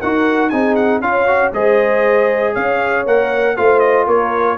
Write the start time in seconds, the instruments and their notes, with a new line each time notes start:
0.00 tuba D#4, trombone F#4, horn A#4, trumpet F#5
0.50 tuba C4, trombone D#4, horn G#4, trumpet G#5
0.76 trumpet F#5
1.01 tuba C#4, trombone F4, horn C#5, trumpet F5
1.27 trombone F#4
1.53 tuba G#3, trombone G#4, horn C5, trumpet D#5
2.53 tuba C#4, horn C#5, trumpet F5
3.06 tuba A#3, trombone A#4, trumpet F#5
3.57 tuba A3, trombone F4, horn C5, trumpet F5
3.79 trumpet D#5
4.06 tuba A#3, horn A#4, trumpet C#5